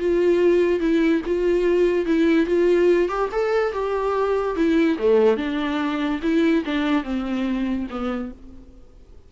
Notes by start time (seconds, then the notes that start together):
0.00 F4
0.80 E4
1.26 F4
2.06 E4
2.47 F4
3.09 G4
3.32 A4
3.73 G4
4.56 E4
4.99 A3
5.37 D4
6.23 E4
6.66 D4
7.04 C4
7.91 B3